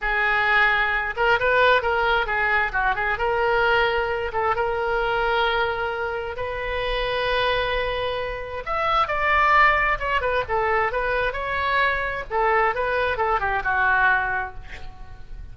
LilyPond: \new Staff \with { instrumentName = "oboe" } { \time 4/4 \tempo 4 = 132 gis'2~ gis'8 ais'8 b'4 | ais'4 gis'4 fis'8 gis'8 ais'4~ | ais'4. a'8 ais'2~ | ais'2 b'2~ |
b'2. e''4 | d''2 cis''8 b'8 a'4 | b'4 cis''2 a'4 | b'4 a'8 g'8 fis'2 | }